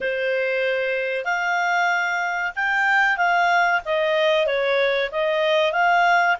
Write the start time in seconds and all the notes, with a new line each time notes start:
0.00 C5
1.24 F5
2.55 G5
3.17 F5
3.85 D#5
4.46 C#5
5.11 D#5
5.72 F5